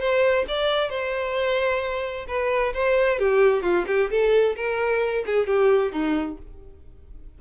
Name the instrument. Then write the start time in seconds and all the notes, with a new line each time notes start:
violin
0.00 C5
0.48 D5
0.90 C5
2.28 B4
2.74 C5
3.19 G4
3.62 F4
3.87 G4
4.11 A4
4.56 A#4
5.26 G#4
5.47 G4
5.92 D#4